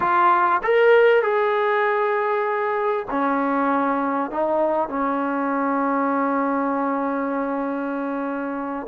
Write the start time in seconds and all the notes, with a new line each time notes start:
0.00 F4
0.63 A#4
1.22 G#4
3.10 C#4
4.31 D#4
4.88 C#4